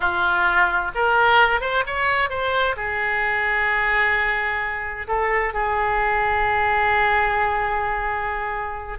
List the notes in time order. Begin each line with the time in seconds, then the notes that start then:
0.00 F4
0.94 A#4
1.60 C5
1.86 C#5
2.29 C5
2.76 G#4
5.07 A4
5.53 G#4